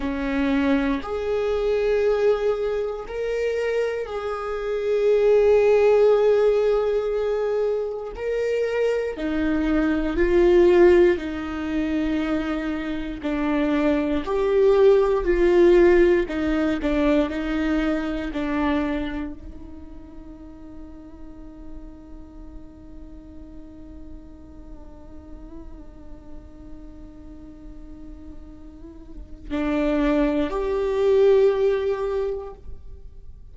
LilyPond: \new Staff \with { instrumentName = "viola" } { \time 4/4 \tempo 4 = 59 cis'4 gis'2 ais'4 | gis'1 | ais'4 dis'4 f'4 dis'4~ | dis'4 d'4 g'4 f'4 |
dis'8 d'8 dis'4 d'4 dis'4~ | dis'1~ | dis'1~ | dis'4 d'4 g'2 | }